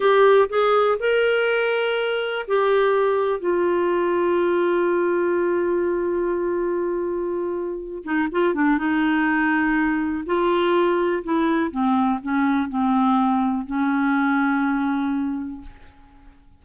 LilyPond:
\new Staff \with { instrumentName = "clarinet" } { \time 4/4 \tempo 4 = 123 g'4 gis'4 ais'2~ | ais'4 g'2 f'4~ | f'1~ | f'1~ |
f'8 dis'8 f'8 d'8 dis'2~ | dis'4 f'2 e'4 | c'4 cis'4 c'2 | cis'1 | }